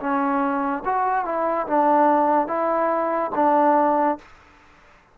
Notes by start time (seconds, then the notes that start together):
0.00 C#4
0.85 F#4
1.25 E4
1.67 D4
2.48 E4
3.35 D4